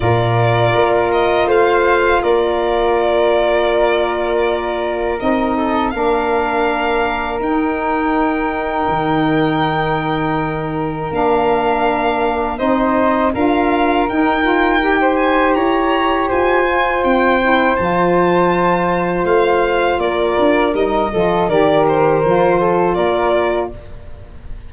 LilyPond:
<<
  \new Staff \with { instrumentName = "violin" } { \time 4/4 \tempo 4 = 81 d''4. dis''8 f''4 d''4~ | d''2. dis''4 | f''2 g''2~ | g''2. f''4~ |
f''4 dis''4 f''4 g''4~ | g''8 gis''8 ais''4 gis''4 g''4 | a''2 f''4 d''4 | dis''4 d''8 c''4. d''4 | }
  \new Staff \with { instrumentName = "flute" } { \time 4/4 ais'2 c''4 ais'4~ | ais'2.~ ais'8 a'8 | ais'1~ | ais'1~ |
ais'4 c''4 ais'2~ | ais'16 c''8. cis''4 c''2~ | c''2. ais'4~ | ais'8 a'8 ais'4. a'8 ais'4 | }
  \new Staff \with { instrumentName = "saxophone" } { \time 4/4 f'1~ | f'2. dis'4 | d'2 dis'2~ | dis'2. d'4~ |
d'4 dis'4 f'4 dis'8 f'8 | g'2~ g'8 f'4 e'8 | f'1 | dis'8 f'8 g'4 f'2 | }
  \new Staff \with { instrumentName = "tuba" } { \time 4/4 ais,4 ais4 a4 ais4~ | ais2. c'4 | ais2 dis'2 | dis2. ais4~ |
ais4 c'4 d'4 dis'4~ | dis'4 e'4 f'4 c'4 | f2 a4 ais8 d'8 | g8 f8 dis4 f4 ais4 | }
>>